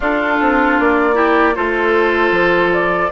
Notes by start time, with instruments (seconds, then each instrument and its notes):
0.00 bassoon D4, clarinet D4, oboe F4, flute A4
0.40 bassoon C4
0.79 bassoon A#3, flute D5
1.14 clarinet E4, oboe G4
1.55 bassoon A3, clarinet F4, oboe A4, flute C5
2.31 bassoon F3
2.72 flute D5